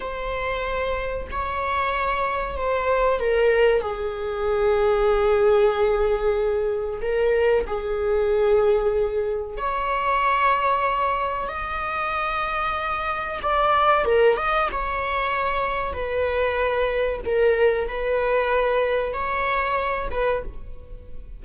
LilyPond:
\new Staff \with { instrumentName = "viola" } { \time 4/4 \tempo 4 = 94 c''2 cis''2 | c''4 ais'4 gis'2~ | gis'2. ais'4 | gis'2. cis''4~ |
cis''2 dis''2~ | dis''4 d''4 ais'8 dis''8 cis''4~ | cis''4 b'2 ais'4 | b'2 cis''4. b'8 | }